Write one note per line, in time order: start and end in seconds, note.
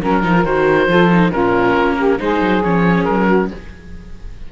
0.00 0.23 F#3
0.00 0.23 C#4
0.00 0.87 A#4
0.00 0.45 A#4
0.23 0.44 F3
0.23 0.34 D#4
0.35 0.45 F4
0.44 0.87 D#3
0.44 0.88 F#4
0.44 1.31 C5
0.87 1.30 F3
0.87 1.10 F4
0.87 1.30 A4
1.12 1.32 D#4
1.30 1.75 A#2
1.30 2.18 C#4
1.30 1.95 F4
1.30 2.18 A#4
1.75 2.19 A#3
1.96 2.18 G4
2.18 2.40 G#3
2.18 2.62 D#4
2.18 3.27 G#4
2.18 2.63 C5
2.40 2.62 F#3
2.63 3.07 F3
2.63 3.52 C#4
2.63 3.04 C#5
3.04 3.51 F#3
3.04 3.48 A#4
3.27 3.49 F#4